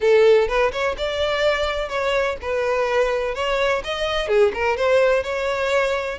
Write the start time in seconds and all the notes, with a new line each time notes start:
0.00 A4
0.48 B4
0.71 C#5
0.97 D5
1.89 C#5
2.41 B4
3.34 C#5
3.84 D#5
4.28 G#4
4.54 A#4
4.76 C5
5.23 C#5